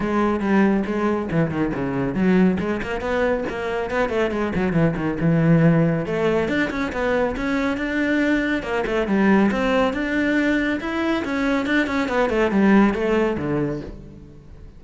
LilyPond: \new Staff \with { instrumentName = "cello" } { \time 4/4 \tempo 4 = 139 gis4 g4 gis4 e8 dis8 | cis4 fis4 gis8 ais8 b4 | ais4 b8 a8 gis8 fis8 e8 dis8 | e2 a4 d'8 cis'8 |
b4 cis'4 d'2 | ais8 a8 g4 c'4 d'4~ | d'4 e'4 cis'4 d'8 cis'8 | b8 a8 g4 a4 d4 | }